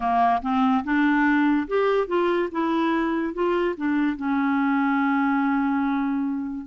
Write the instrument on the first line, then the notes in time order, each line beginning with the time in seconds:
clarinet
0.00 A#3
0.42 C4
0.83 D4
1.67 G4
2.07 F4
2.51 E4
3.33 F4
3.76 D4
4.16 C#4